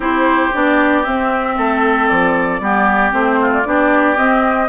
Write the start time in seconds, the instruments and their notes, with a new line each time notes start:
0.00 bassoon C4, clarinet E4, oboe G4, flute C5
0.53 bassoon B3, clarinet D4, flute D5
1.04 clarinet C4, bassoon C4, flute E5
1.57 bassoon A3, oboe A4
2.07 bassoon F3, flute D5
2.59 bassoon G3, clarinet B3, oboe G4
3.11 bassoon A3, clarinet C4, flute C5
3.41 oboe F4
3.53 flute D5
3.64 bassoon B3, clarinet D4, oboe G4
4.16 clarinet C4, bassoon C4, flute D#5